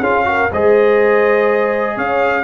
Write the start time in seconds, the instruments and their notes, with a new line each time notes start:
0.00 tuba C#4, trombone F4, horn G#4, trumpet F5
0.25 trombone F#4, horn A#4
0.52 tuba G#3, trombone G#4, horn C5, trumpet D#5
1.96 tuba C#4, horn C#5, trumpet F5